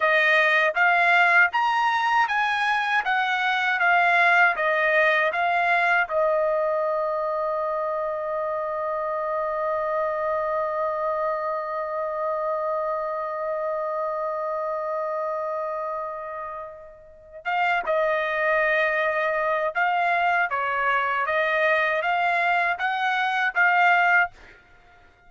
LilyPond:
\new Staff \with { instrumentName = "trumpet" } { \time 4/4 \tempo 4 = 79 dis''4 f''4 ais''4 gis''4 | fis''4 f''4 dis''4 f''4 | dis''1~ | dis''1~ |
dis''1~ | dis''2. f''8 dis''8~ | dis''2 f''4 cis''4 | dis''4 f''4 fis''4 f''4 | }